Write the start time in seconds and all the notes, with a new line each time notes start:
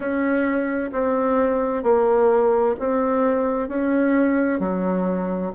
0.00 C#4
0.92 C4
1.83 A#3
2.79 C4
3.68 C#4
4.59 F#3